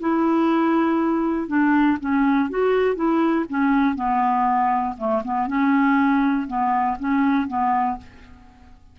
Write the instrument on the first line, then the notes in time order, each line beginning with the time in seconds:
clarinet
0.00 E4
1.48 D4
2.00 C#4
2.50 F#4
2.95 E4
3.49 C#4
3.95 B3
4.97 A3
5.24 B3
5.47 C#4
6.47 B3
6.99 C#4
7.48 B3